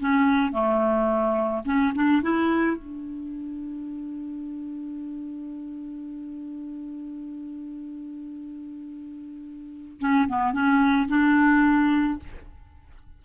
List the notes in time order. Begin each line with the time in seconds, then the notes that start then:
0.00 C#4
0.52 A3
1.65 C#4
1.95 D4
2.22 E4
2.77 D4
10.00 C#4
10.28 B3
10.53 C#4
11.08 D4